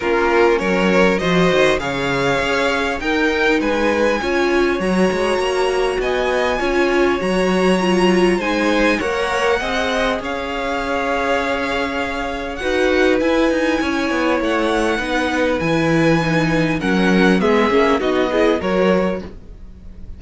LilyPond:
<<
  \new Staff \with { instrumentName = "violin" } { \time 4/4 \tempo 4 = 100 ais'4 cis''4 dis''4 f''4~ | f''4 g''4 gis''2 | ais''2 gis''2 | ais''2 gis''4 fis''4~ |
fis''4 f''2.~ | f''4 fis''4 gis''2 | fis''2 gis''2 | fis''4 e''4 dis''4 cis''4 | }
  \new Staff \with { instrumentName = "violin" } { \time 4/4 f'4 ais'4 c''4 cis''4~ | cis''4 ais'4 b'4 cis''4~ | cis''2 dis''4 cis''4~ | cis''2 c''4 cis''4 |
dis''4 cis''2.~ | cis''4 b'2 cis''4~ | cis''4 b'2. | ais'4 gis'4 fis'8 gis'8 ais'4 | }
  \new Staff \with { instrumentName = "viola" } { \time 4/4 cis'2 fis'4 gis'4~ | gis'4 dis'2 f'4 | fis'2. f'4 | fis'4 f'4 dis'4 ais'4 |
gis'1~ | gis'4 fis'4 e'2~ | e'4 dis'4 e'4 dis'4 | cis'4 b8 cis'8 dis'8 e'8 fis'4 | }
  \new Staff \with { instrumentName = "cello" } { \time 4/4 ais4 fis4 f8 dis8 cis4 | cis'4 dis'4 gis4 cis'4 | fis8 gis8 ais4 b4 cis'4 | fis2 gis4 ais4 |
c'4 cis'2.~ | cis'4 dis'4 e'8 dis'8 cis'8 b8 | a4 b4 e2 | fis4 gis8 ais8 b4 fis4 | }
>>